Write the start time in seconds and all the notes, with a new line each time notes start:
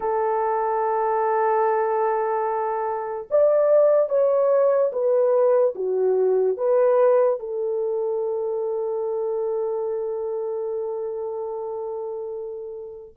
0.00 A4
3.30 D5
4.09 C#5
4.92 B4
5.75 F#4
6.57 B4
7.39 A4